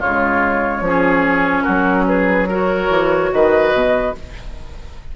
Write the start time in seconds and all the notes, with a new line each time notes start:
0.00 C#3 G#3 F4 C#5
0.81 F3 C#4
0.88 G#4
1.63 F#3 F#4 A#4
2.06 G#4 B4
2.49 F#4 A#4 C#5
2.90 E3
3.33 D#3 B4 D#5
3.73 B2